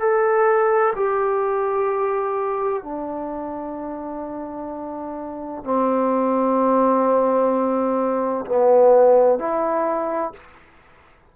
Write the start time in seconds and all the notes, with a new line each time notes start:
0.00 A4
0.95 G4
2.83 D4
5.64 C4
8.45 B3
9.39 E4